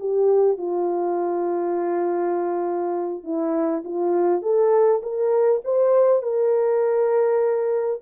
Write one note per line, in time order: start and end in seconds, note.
0.00 0.58 G4
0.58 3.24 F4
3.24 3.83 E4
3.85 4.42 F4
4.42 5.02 A4
5.03 5.62 A#4
5.65 6.23 C5
6.23 8.01 A#4